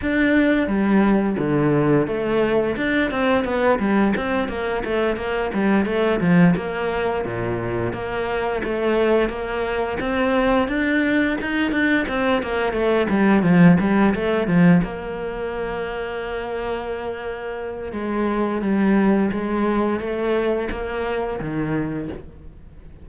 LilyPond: \new Staff \with { instrumentName = "cello" } { \time 4/4 \tempo 4 = 87 d'4 g4 d4 a4 | d'8 c'8 b8 g8 c'8 ais8 a8 ais8 | g8 a8 f8 ais4 ais,4 ais8~ | ais8 a4 ais4 c'4 d'8~ |
d'8 dis'8 d'8 c'8 ais8 a8 g8 f8 | g8 a8 f8 ais2~ ais8~ | ais2 gis4 g4 | gis4 a4 ais4 dis4 | }